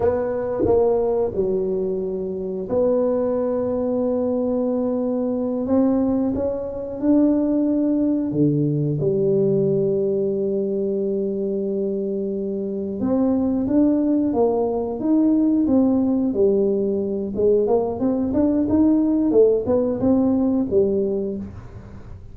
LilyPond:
\new Staff \with { instrumentName = "tuba" } { \time 4/4 \tempo 4 = 90 b4 ais4 fis2 | b1~ | b8 c'4 cis'4 d'4.~ | d'8 d4 g2~ g8~ |
g2.~ g8 c'8~ | c'8 d'4 ais4 dis'4 c'8~ | c'8 g4. gis8 ais8 c'8 d'8 | dis'4 a8 b8 c'4 g4 | }